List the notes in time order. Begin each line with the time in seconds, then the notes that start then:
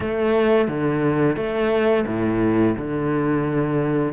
0.00 A3
0.67 D3
1.36 A3
2.06 A2
2.77 D3